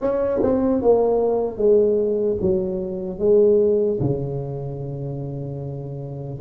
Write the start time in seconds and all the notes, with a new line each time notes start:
0.01 C#4
0.42 C4
0.82 A#3
1.57 G#3
2.41 F#3
3.19 G#3
4.00 C#3